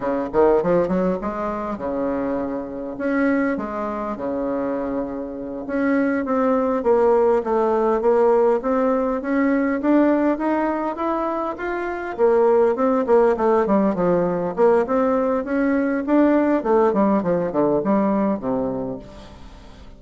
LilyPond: \new Staff \with { instrumentName = "bassoon" } { \time 4/4 \tempo 4 = 101 cis8 dis8 f8 fis8 gis4 cis4~ | cis4 cis'4 gis4 cis4~ | cis4. cis'4 c'4 ais8~ | ais8 a4 ais4 c'4 cis'8~ |
cis'8 d'4 dis'4 e'4 f'8~ | f'8 ais4 c'8 ais8 a8 g8 f8~ | f8 ais8 c'4 cis'4 d'4 | a8 g8 f8 d8 g4 c4 | }